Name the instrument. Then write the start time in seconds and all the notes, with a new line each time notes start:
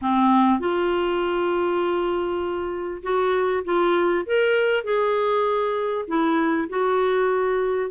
clarinet
0.01 C4
0.59 F4
3.02 F#4
3.64 F4
4.26 A#4
4.84 G#4
6.07 E4
6.69 F#4